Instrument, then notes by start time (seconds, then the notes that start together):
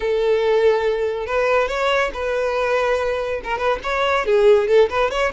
violin
0.00 A4
1.26 B4
1.68 C#5
2.13 B4
3.44 A#4
3.58 B4
3.83 C#5
4.25 G#4
4.68 A4
4.89 B4
5.11 C#5